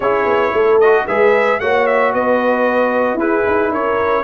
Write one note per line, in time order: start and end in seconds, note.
0.00 0.25 C#4
0.00 0.82 E4
0.00 0.53 G#4
0.00 0.79 C#5
0.25 0.51 B3
0.53 1.06 A3
0.53 1.07 A4
0.80 1.08 F#4
0.80 1.06 D#5
1.07 1.60 G#3
1.07 1.61 G#4
1.07 1.60 B4
1.07 1.60 E5
1.60 2.13 A#3
1.60 3.19 F#4
1.60 2.13 C#5
1.60 1.86 F#5
1.86 2.12 E5
2.13 3.14 B3
2.13 3.18 B4
2.13 3.19 D#5
3.14 3.40 E4
3.14 4.24 E4
3.14 3.71 G#4
3.14 3.72 B4
3.46 3.71 D#4
3.71 4.24 C#4
3.71 4.24 A#4
3.71 4.24 C#5